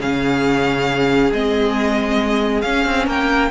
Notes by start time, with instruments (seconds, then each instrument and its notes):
0.00 cello C#3, viola C#4, violin G#4 F5
1.32 cello G#3, viola C4, violin D#5
2.61 viola C#4, cello C#4, violin F5
2.85 cello C4
3.05 cello A#3, violin A#4 G5